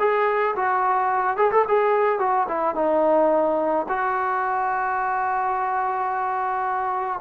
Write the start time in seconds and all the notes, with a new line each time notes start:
0.00 G#4
0.56 F#4
1.37 G#4
1.52 A4
1.68 G#4
2.20 F#4
2.48 E4
2.75 D#4
3.89 F#4